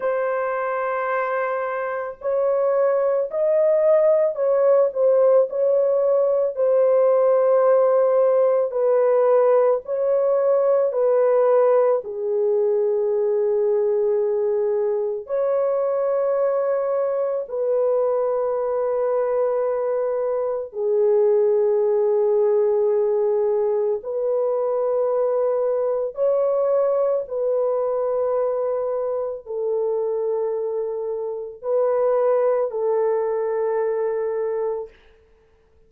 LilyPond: \new Staff \with { instrumentName = "horn" } { \time 4/4 \tempo 4 = 55 c''2 cis''4 dis''4 | cis''8 c''8 cis''4 c''2 | b'4 cis''4 b'4 gis'4~ | gis'2 cis''2 |
b'2. gis'4~ | gis'2 b'2 | cis''4 b'2 a'4~ | a'4 b'4 a'2 | }